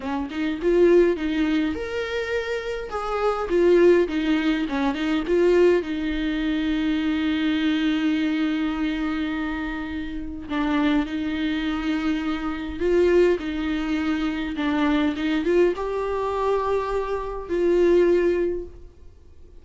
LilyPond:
\new Staff \with { instrumentName = "viola" } { \time 4/4 \tempo 4 = 103 cis'8 dis'8 f'4 dis'4 ais'4~ | ais'4 gis'4 f'4 dis'4 | cis'8 dis'8 f'4 dis'2~ | dis'1~ |
dis'2 d'4 dis'4~ | dis'2 f'4 dis'4~ | dis'4 d'4 dis'8 f'8 g'4~ | g'2 f'2 | }